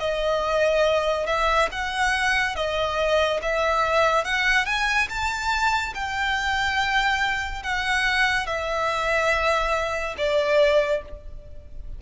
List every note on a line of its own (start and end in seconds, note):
0.00 1.27 D#5
1.27 1.69 E5
1.72 2.56 F#5
2.56 3.40 D#5
3.43 4.25 E5
4.25 4.66 F#5
4.66 5.08 G#5
5.09 5.94 A5
5.95 7.63 G5
7.63 8.47 F#5
8.47 10.16 E5
10.18 11.02 D5